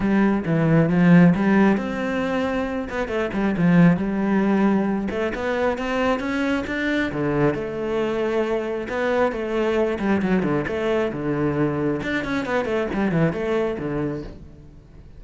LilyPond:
\new Staff \with { instrumentName = "cello" } { \time 4/4 \tempo 4 = 135 g4 e4 f4 g4 | c'2~ c'8 b8 a8 g8 | f4 g2~ g8 a8 | b4 c'4 cis'4 d'4 |
d4 a2. | b4 a4. g8 fis8 d8 | a4 d2 d'8 cis'8 | b8 a8 g8 e8 a4 d4 | }